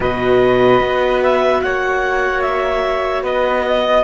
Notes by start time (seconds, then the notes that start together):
0.00 B2 F#4 B4 D#5
0.80 B3
1.22 E5
1.61 A#3 C#5 F#5
2.41 E5
3.22 B3 B4 D#5
3.66 D#5